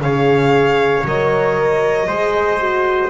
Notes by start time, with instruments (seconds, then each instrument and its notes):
0.00 double bass C#3, horn G#4, trumpet C#5, violin F5
1.04 double bass F#3, horn A#4, violin D#5
2.08 double bass G#3, horn G#4, trumpet C5
2.59 horn F#4